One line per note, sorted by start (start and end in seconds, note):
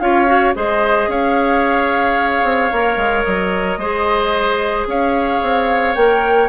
0.00 0.54 C#4
0.00 0.27 F4
0.00 0.56 C#5
0.00 0.54 F5
0.27 0.54 F#4
0.55 1.08 G#3
0.55 2.71 G#4
0.55 1.10 C5
0.55 1.11 D#5
1.08 2.43 C#4
1.08 3.80 C#5
1.08 3.24 F5
2.44 2.71 C4
2.73 2.97 A#3
2.73 3.81 A#4
2.97 3.24 G#3
3.24 3.78 F#3
3.24 4.86 D#5
3.78 4.86 G#3
3.78 5.95 G#4
3.78 4.88 C5
4.87 5.41 C#4
4.87 6.49 C#5
4.87 5.95 F5
5.43 5.97 C4
5.95 6.49 A#3
5.95 6.49 A#4
5.95 6.49 G5